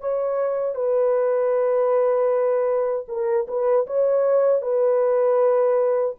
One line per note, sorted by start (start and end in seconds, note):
0.00 0.75 C#5
0.75 3.06 B4
3.08 3.47 A#4
3.48 3.86 B4
3.86 4.62 C#5
4.62 6.15 B4